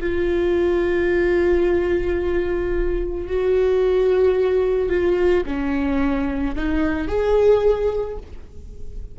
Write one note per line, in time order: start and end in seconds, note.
0.00 3.27 F4
3.27 4.89 F#4
4.89 5.43 F4
5.46 6.55 C#4
6.56 7.08 D#4
7.08 8.17 G#4